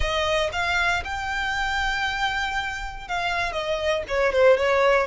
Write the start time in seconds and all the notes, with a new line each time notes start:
0.00 D#5
0.52 F5
1.04 G5
3.08 F5
3.52 D#5
4.08 C#5
4.32 C5
4.57 C#5